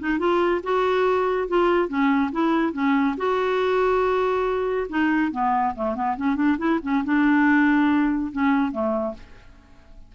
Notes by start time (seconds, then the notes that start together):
0.00 D#4
0.19 F4
0.64 F#4
1.49 F4
1.89 C#4
2.32 E4
2.73 C#4
3.17 F#4
4.90 D#4
5.32 B3
5.76 A3
5.95 B3
6.17 C#4
6.36 D4
6.59 E4
6.83 C#4
7.05 D4
8.32 C#4
8.72 A3